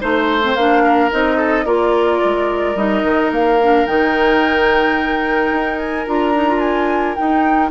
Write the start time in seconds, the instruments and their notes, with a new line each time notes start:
0.00 bassoon A3, clarinet D#4, oboe C5, flute C5
0.42 clarinet C4
0.55 bassoon A#3, clarinet D4, flute F5
0.83 oboe A#4
1.11 bassoon C4, clarinet D#4, flute D#5
1.37 oboe A4
1.65 bassoon A#3, clarinet F4, oboe A#4, flute D5
2.24 bassoon G#3
2.75 bassoon G3, clarinet D#4, flute D#5
3.03 bassoon D#3
3.30 bassoon A#3, flute F5
3.62 clarinet D4
3.86 bassoon D#3, clarinet D#4, flute G5
5.51 bassoon D#4
5.79 flute G#5
6.06 bassoon D4, clarinet F4, flute A#5
6.34 clarinet D#4
6.47 clarinet F4
6.59 flute G#5
7.15 clarinet D#4, bassoon D#4, flute G5